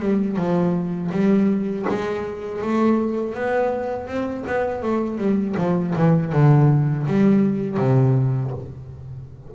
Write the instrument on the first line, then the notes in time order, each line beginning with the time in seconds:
double bass
0.00 G3
0.37 F3
1.12 G3
1.89 G#3
2.62 A3
3.35 B3
4.07 C4
4.47 B3
4.83 A3
5.19 G3
5.58 F3
5.96 E3
6.33 D3
7.07 G3
7.78 C3